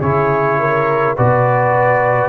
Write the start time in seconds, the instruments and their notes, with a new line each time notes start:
0.00 tuba C#3, trombone E4, horn G#4, trumpet C#5
0.60 horn A#4
1.16 tuba B2, trombone F#4, horn B4, trumpet D5